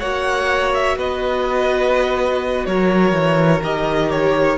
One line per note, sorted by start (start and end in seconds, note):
0.00 0.98 A#3
0.00 3.64 F#4
0.00 0.97 C#5
0.00 0.73 F#5
0.74 0.99 E5
0.98 2.67 B3
0.98 2.67 B4
0.98 2.66 D#5
2.66 3.13 F#3
2.66 4.59 A#4
2.66 3.63 C#5
3.13 3.61 E3
3.63 4.59 D#3
3.63 4.59 G4
3.63 4.11 D#5
4.11 4.59 C#5